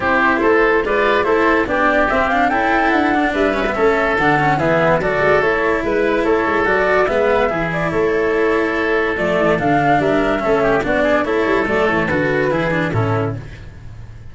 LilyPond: <<
  \new Staff \with { instrumentName = "flute" } { \time 4/4 \tempo 4 = 144 c''2 d''4 c''4 | d''4 e''8 f''8 g''4 fis''4 | e''2 fis''4 e''4 | d''4 cis''4 b'4 cis''4 |
d''4 e''4. d''8 cis''4~ | cis''2 d''4 f''4 | e''2 d''4 cis''4 | d''8 cis''8 b'2 a'4 | }
  \new Staff \with { instrumentName = "oboe" } { \time 4/4 g'4 a'4 b'4 a'4 | g'2 a'2 | b'4 a'2 gis'4 | a'2 b'4 a'4~ |
a'4 b'4 gis'4 a'4~ | a'1 | ais'4 a'8 g'8 fis'8 gis'8 a'4~ | a'2 gis'4 e'4 | }
  \new Staff \with { instrumentName = "cello" } { \time 4/4 e'2 f'4 e'4 | d'4 c'8 d'8 e'4. d'8~ | d'8 cis'16 b16 cis'4 d'8 cis'8 b4 | fis'4 e'2. |
fis'4 b4 e'2~ | e'2 a4 d'4~ | d'4 cis'4 d'4 e'4 | a4 fis'4 e'8 d'8 cis'4 | }
  \new Staff \with { instrumentName = "tuba" } { \time 4/4 c'4 a4 gis4 a4 | b4 c'4 cis'4 d'4 | g4 a4 d4 e4 | fis8 gis8 a4 gis4 a8 gis8 |
fis4 gis4 e4 a4~ | a2 f8 e8 d4 | g4 a4 b4 a8 g8 | fis8 e8 d4 e4 a,4 | }
>>